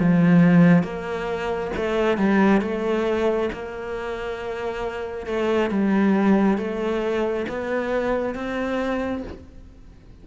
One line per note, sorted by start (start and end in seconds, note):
0.00 0.84 F3
0.84 1.72 A#3
1.77 2.18 A3
2.18 2.62 G3
2.62 3.50 A3
3.53 5.27 A#3
5.27 5.71 A3
5.71 6.58 G3
6.58 7.46 A3
7.49 8.35 B3
8.35 9.24 C4